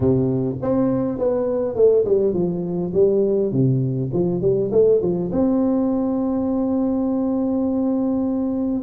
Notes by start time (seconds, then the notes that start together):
0.00 C3
0.62 C4
1.18 B3
1.75 A3
2.05 G3
2.33 F3
2.93 G3
3.52 C3
4.13 F3
4.41 G3
4.71 A3
5.01 F3
5.32 C4